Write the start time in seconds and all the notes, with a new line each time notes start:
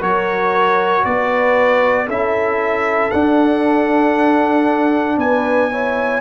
0.00 F#3 F#4 A#4 C#5
1.05 B3 B4 D5
2.07 C#4 E4 A4 E5
3.11 D4 F#5
5.17 B3 B4 G#5
5.71 E4 C#5